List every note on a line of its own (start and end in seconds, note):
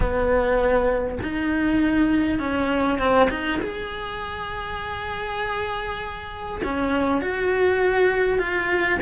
0.00 1.18 B3
1.22 2.39 D#4
2.39 2.98 C#4
2.98 3.28 C4
3.30 3.60 D#4
3.61 6.61 G#4
6.63 7.21 C#4
7.21 8.38 F#4
8.38 8.98 F4